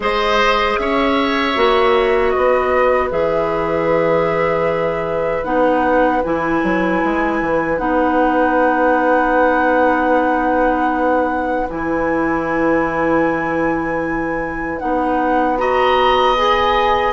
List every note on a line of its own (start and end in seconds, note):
0.00 0.75 G#3
0.00 1.55 G#4
0.00 0.79 C5
0.00 0.77 D#5
0.77 1.56 C#4
0.77 2.33 C#5
0.77 2.30 E5
1.55 2.34 A#3
1.55 3.10 F#4
2.30 15.58 B4
2.30 3.07 D#5
2.37 3.11 B3
3.10 5.44 E3
3.10 5.43 G#4
3.10 5.44 E5
5.44 6.22 B3
5.44 6.22 D#4
5.44 6.22 F#5
6.24 6.63 E3
6.24 7.76 E4
6.24 7.78 G#5
6.63 7.02 F#3
7.04 7.41 G#3
7.41 7.78 E3
7.76 11.68 B3
7.76 11.66 D#4
7.76 11.67 F#5
11.69 14.81 E3
11.69 14.79 E4
11.69 14.79 G#5
14.79 17.12 B3
14.79 15.57 D#4
14.79 15.57 F#5
15.57 16.35 F#4
15.57 17.12 D#5
15.57 16.35 A#5
16.36 17.12 G#4
16.36 17.12 G#5